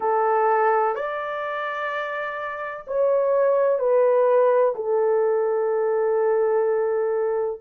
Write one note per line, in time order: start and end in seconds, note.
0.00 0.95 A4
0.95 2.85 D5
2.87 3.79 C#5
3.79 4.74 B4
4.75 7.61 A4